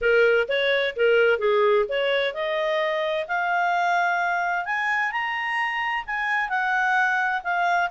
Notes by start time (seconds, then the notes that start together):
0.01 A#4
0.48 C#5
0.96 A#4
1.38 G#4
1.88 C#5
2.34 D#5
3.27 F5
4.65 G#5
5.11 A#5
6.06 G#5
6.49 F#5
7.43 F5